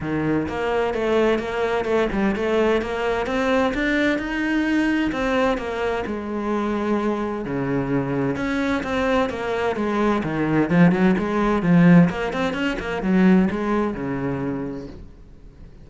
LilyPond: \new Staff \with { instrumentName = "cello" } { \time 4/4 \tempo 4 = 129 dis4 ais4 a4 ais4 | a8 g8 a4 ais4 c'4 | d'4 dis'2 c'4 | ais4 gis2. |
cis2 cis'4 c'4 | ais4 gis4 dis4 f8 fis8 | gis4 f4 ais8 c'8 cis'8 ais8 | fis4 gis4 cis2 | }